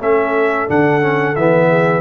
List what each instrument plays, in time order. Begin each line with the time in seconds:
0.00 tuba A3, trombone C#4, horn A4, trumpet E5
0.68 tuba D3, trombone D4, trumpet F#5
1.01 trombone C#4
1.36 tuba E3, trombone B3, trumpet E5
1.69 horn G#4